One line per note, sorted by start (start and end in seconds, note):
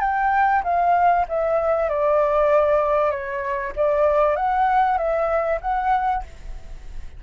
0.00 0.62 G5
0.63 1.25 F5
1.28 1.89 E5
1.89 3.10 D5
3.10 3.72 C#5
3.76 4.36 D5
4.36 4.97 F#5
4.97 5.59 E5
5.61 6.23 F#5